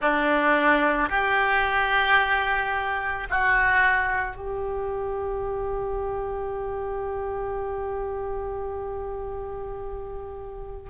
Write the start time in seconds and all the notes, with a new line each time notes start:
0.01 D4
1.09 G4
3.30 F#4
4.36 G4